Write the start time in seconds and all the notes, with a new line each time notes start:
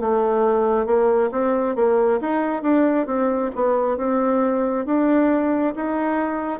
0.00 A3
0.86 A#3
1.32 C4
1.76 A#3
2.21 D#4
2.62 D4
3.06 C4
3.55 B3
3.97 C4
4.86 D4
5.76 D#4